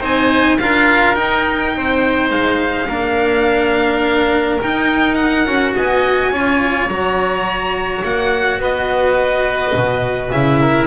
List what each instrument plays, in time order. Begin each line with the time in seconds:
0.00 double bass C4, cello D#4, oboe C5, violin G#5
0.58 double bass D4, cello F4, oboe A#4, violin F5
1.15 cello D#4, double bass D#4, violin G5
1.76 double bass C4, oboe C5
2.30 double bass G#3, violin F5
2.88 double bass A#3, cello D4, oboe A#4
4.61 cello D#4, double bass D#4, violin G5
5.15 violin F#5
5.46 double bass C#4, cello F#4
5.75 double bass B3, oboe D#5, violin G#5
6.30 double bass C#4, cello F4, oboe C#5
6.87 double bass F#3, cello F#4, violin A#5
8.04 double bass A#3, violin F#5
8.59 double bass B3, oboe B4, violin D#5
9.75 double bass B2
10.31 double bass C#3, cello E4, violin E5
10.60 oboe A#4